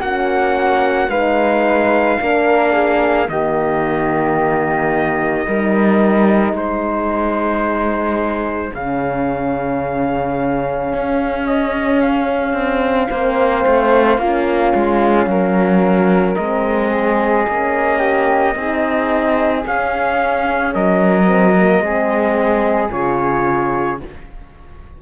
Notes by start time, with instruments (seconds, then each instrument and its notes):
0.00 cello A#3, horn C#4, flute F#4, trumpet F#5
1.08 cello G#3, horn D#4, flute B4, trumpet F5
2.19 cello A#3, horn D4, flute A#4
2.72 flute G#4
3.28 cello D#3, horn A#3, flute G4, trumpet D#5
5.47 cello G3, horn D#4, flute A#4
6.53 cello G#3, flute G#4, trumpet C5
8.74 cello C#3, horn C#4, trumpet F5
10.93 cello C#4
11.47 trumpet D#5
12.01 trumpet F5
12.53 cello C4
13.10 cello A#3, horn C4, flute C5
13.66 cello A3
14.18 cello A#3, horn C#4, flute F4
14.75 cello G#3
15.26 cello F#3, flute A#4
16.35 cello G#3, horn C4, trumpet D#5
16.90 flute G#4
17.47 cello A#3, horn C#4
17.98 flute G4
18.55 cello C4, horn D#4, flute G#4
19.66 horn C#4, cello C#4, trumpet F5
20.74 cello F#3, flute A#4, trumpet D#5
21.26 horn C4
21.57 horn A#3
21.80 cello G#3, horn C4, flute G#4
22.90 cello C#3, horn F4, trumpet C#5